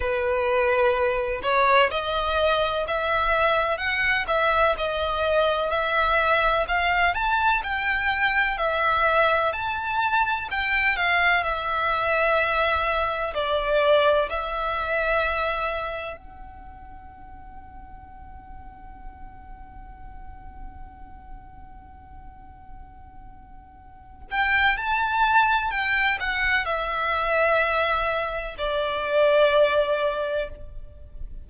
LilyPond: \new Staff \with { instrumentName = "violin" } { \time 4/4 \tempo 4 = 63 b'4. cis''8 dis''4 e''4 | fis''8 e''8 dis''4 e''4 f''8 a''8 | g''4 e''4 a''4 g''8 f''8 | e''2 d''4 e''4~ |
e''4 fis''2.~ | fis''1~ | fis''4. g''8 a''4 g''8 fis''8 | e''2 d''2 | }